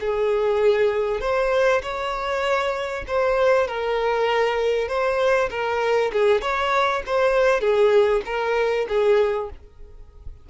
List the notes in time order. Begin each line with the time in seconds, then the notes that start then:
0.00 G#4
1.21 C5
1.82 C#5
3.07 C5
3.67 A#4
4.88 C5
5.50 A#4
6.13 G#4
6.41 C#5
7.06 C5
7.61 G#4
8.25 A#4
8.89 G#4